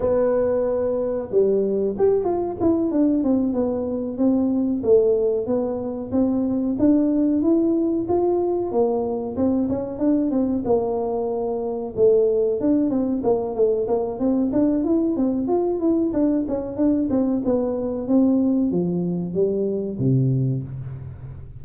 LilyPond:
\new Staff \with { instrumentName = "tuba" } { \time 4/4 \tempo 4 = 93 b2 g4 g'8 f'8 | e'8 d'8 c'8 b4 c'4 a8~ | a8 b4 c'4 d'4 e'8~ | e'8 f'4 ais4 c'8 cis'8 d'8 |
c'8 ais2 a4 d'8 | c'8 ais8 a8 ais8 c'8 d'8 e'8 c'8 | f'8 e'8 d'8 cis'8 d'8 c'8 b4 | c'4 f4 g4 c4 | }